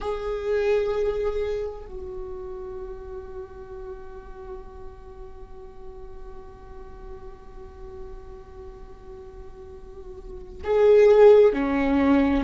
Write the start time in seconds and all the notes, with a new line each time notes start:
0.00 G#4
1.85 F#4
10.64 G#4
11.53 C#4